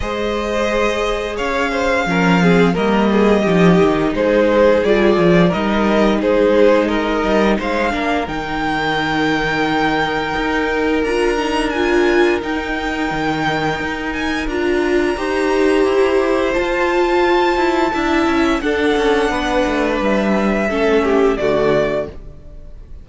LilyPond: <<
  \new Staff \with { instrumentName = "violin" } { \time 4/4 \tempo 4 = 87 dis''2 f''2 | dis''2 c''4 d''4 | dis''4 c''4 dis''4 f''4 | g''1 |
ais''4 gis''4 g''2~ | g''8 gis''8 ais''2. | a''2. fis''4~ | fis''4 e''2 d''4 | }
  \new Staff \with { instrumentName = "violin" } { \time 4/4 c''2 cis''8 c''8 ais'8 gis'8 | ais'8 gis'8 g'4 gis'2 | ais'4 gis'4 ais'4 c''8 ais'8~ | ais'1~ |
ais'1~ | ais'2 c''2~ | c''2 e''4 a'4 | b'2 a'8 g'8 fis'4 | }
  \new Staff \with { instrumentName = "viola" } { \time 4/4 gis'2. cis'8 c'8 | ais4 dis'2 f'4 | dis'2.~ dis'8 d'8 | dis'1 |
f'8 dis'8 f'4 dis'2~ | dis'4 f'4 g'2 | f'2 e'4 d'4~ | d'2 cis'4 a4 | }
  \new Staff \with { instrumentName = "cello" } { \time 4/4 gis2 cis'4 f4 | g4 f8 dis8 gis4 g8 f8 | g4 gis4. g8 gis8 ais8 | dis2. dis'4 |
d'2 dis'4 dis4 | dis'4 d'4 dis'4 e'4 | f'4. e'8 d'8 cis'8 d'8 cis'8 | b8 a8 g4 a4 d4 | }
>>